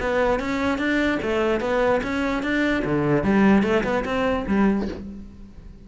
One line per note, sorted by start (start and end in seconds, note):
0.00 0.39 B3
0.39 0.79 C#4
0.79 1.19 D4
1.23 1.60 A3
1.60 2.01 B3
2.03 2.43 C#4
2.43 2.83 D4
2.85 3.24 D3
3.24 3.63 G3
3.63 3.83 A3
3.84 4.04 B3
4.05 4.45 C4
4.47 4.88 G3